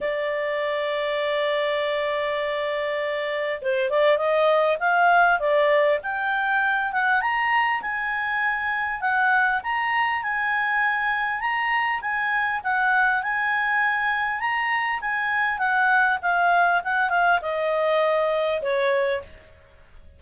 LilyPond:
\new Staff \with { instrumentName = "clarinet" } { \time 4/4 \tempo 4 = 100 d''1~ | d''2 c''8 d''8 dis''4 | f''4 d''4 g''4. fis''8 | ais''4 gis''2 fis''4 |
ais''4 gis''2 ais''4 | gis''4 fis''4 gis''2 | ais''4 gis''4 fis''4 f''4 | fis''8 f''8 dis''2 cis''4 | }